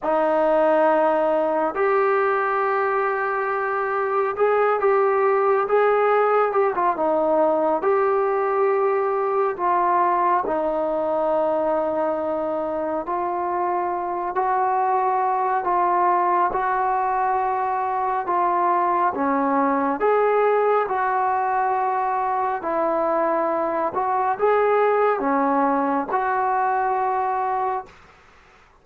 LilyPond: \new Staff \with { instrumentName = "trombone" } { \time 4/4 \tempo 4 = 69 dis'2 g'2~ | g'4 gis'8 g'4 gis'4 g'16 f'16 | dis'4 g'2 f'4 | dis'2. f'4~ |
f'8 fis'4. f'4 fis'4~ | fis'4 f'4 cis'4 gis'4 | fis'2 e'4. fis'8 | gis'4 cis'4 fis'2 | }